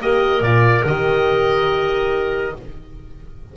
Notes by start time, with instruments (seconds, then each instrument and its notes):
0.00 double bass A#3, horn G4, clarinet A#4, oboe D#5
0.41 double bass A#2, horn F4, oboe D5
0.84 double bass D#3, horn G4, oboe D#5